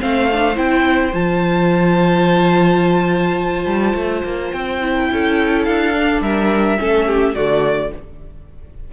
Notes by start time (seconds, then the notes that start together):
0.00 A3 C4 C5 F5
0.31 D4
0.54 C4 E4 G5
1.13 F3 F4 A5
3.65 G3
3.94 A3
4.24 A#3
4.52 C4 G5
4.80 E4
4.93 A#4
5.11 C#4 A4
5.64 D4 F5
5.93 D4
6.21 G3 A#4 E5
6.78 A3 C#4 A4
7.06 G4
7.34 D3 A3 F#4 D5